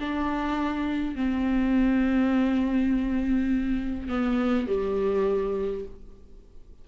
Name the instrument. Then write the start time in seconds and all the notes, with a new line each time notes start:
viola
0.00 D4
1.15 C4
4.08 B3
4.67 G3